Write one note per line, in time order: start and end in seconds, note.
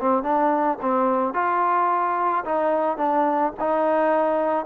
0.00 0.23 C4
0.23 0.78 D4
0.82 1.34 C4
1.34 2.44 F4
2.45 2.98 D#4
2.98 3.53 D4
3.60 4.66 D#4